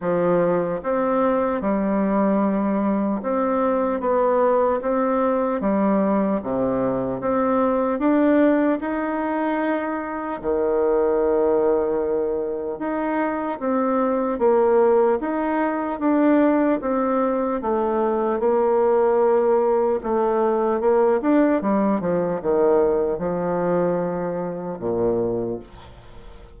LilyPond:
\new Staff \with { instrumentName = "bassoon" } { \time 4/4 \tempo 4 = 75 f4 c'4 g2 | c'4 b4 c'4 g4 | c4 c'4 d'4 dis'4~ | dis'4 dis2. |
dis'4 c'4 ais4 dis'4 | d'4 c'4 a4 ais4~ | ais4 a4 ais8 d'8 g8 f8 | dis4 f2 ais,4 | }